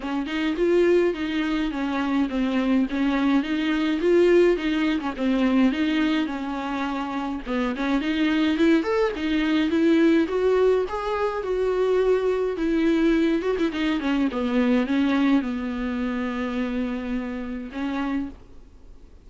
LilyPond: \new Staff \with { instrumentName = "viola" } { \time 4/4 \tempo 4 = 105 cis'8 dis'8 f'4 dis'4 cis'4 | c'4 cis'4 dis'4 f'4 | dis'8. cis'16 c'4 dis'4 cis'4~ | cis'4 b8 cis'8 dis'4 e'8 a'8 |
dis'4 e'4 fis'4 gis'4 | fis'2 e'4. fis'16 e'16 | dis'8 cis'8 b4 cis'4 b4~ | b2. cis'4 | }